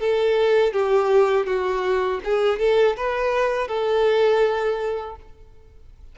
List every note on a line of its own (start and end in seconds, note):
0.00 0.73 A4
0.73 1.46 G4
1.46 2.21 F#4
2.25 2.59 G#4
2.59 2.96 A4
2.97 3.68 B4
3.68 5.16 A4